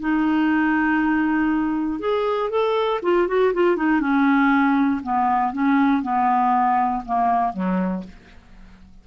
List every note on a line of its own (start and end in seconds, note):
0.00 1.99 D#4
1.99 2.50 G#4
2.50 3.00 A4
3.02 3.28 F4
3.28 3.53 F#4
3.53 3.76 F4
3.76 4.00 D#4
4.00 5.01 C#4
5.03 5.53 B3
5.53 6.02 C#4
6.02 7.03 B3
7.05 7.53 A#3
7.53 8.03 F#3